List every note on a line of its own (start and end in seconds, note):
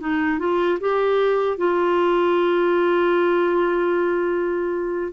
0.00 0.39 D#4
0.39 0.79 F4
0.80 1.57 G4
1.57 5.12 F4